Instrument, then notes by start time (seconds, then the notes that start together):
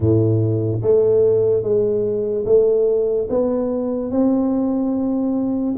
tuba
0.00 A2
0.81 A3
1.62 G#3
2.45 A3
3.29 B3
4.11 C4